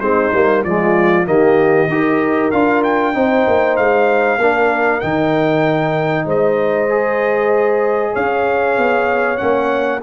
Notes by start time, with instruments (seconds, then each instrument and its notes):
0.00 tuba G#3, trombone C4, horn D#4, trumpet C5
0.33 tuba G3, trombone A#3
0.64 tuba F3, trombone G#3, horn F4, trumpet D5
1.25 tuba D#3, trombone A#3, horn G4, trumpet D#5
1.88 tuba D#4, trombone G4, horn A#4
2.51 tuba D4, trombone F4, trumpet F5
2.83 trumpet G5
3.14 tuba C4, trombone D#4, horn C5
3.47 tuba A#3
3.76 tuba G#3, trumpet F5
4.37 tuba A#3, trombone D4, horn A#4
5.00 tuba D#3, trombone D#4, trumpet G5
6.25 tuba G#3, horn C5, trumpet D#5
6.89 trombone G#4
8.12 tuba C#4, horn C#5, trumpet F5
8.77 tuba B3
9.37 tuba A#3, trombone C#4, trumpet F#5